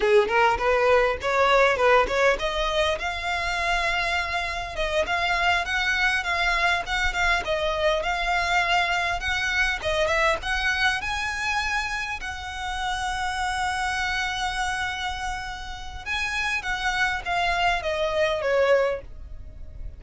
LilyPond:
\new Staff \with { instrumentName = "violin" } { \time 4/4 \tempo 4 = 101 gis'8 ais'8 b'4 cis''4 b'8 cis''8 | dis''4 f''2. | dis''8 f''4 fis''4 f''4 fis''8 | f''8 dis''4 f''2 fis''8~ |
fis''8 dis''8 e''8 fis''4 gis''4.~ | gis''8 fis''2.~ fis''8~ | fis''2. gis''4 | fis''4 f''4 dis''4 cis''4 | }